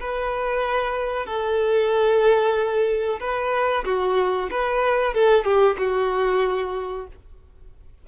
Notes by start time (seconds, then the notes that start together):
0.00 B4
1.26 A4
3.20 B4
3.84 F#4
4.50 B4
5.14 A4
5.44 G4
5.78 F#4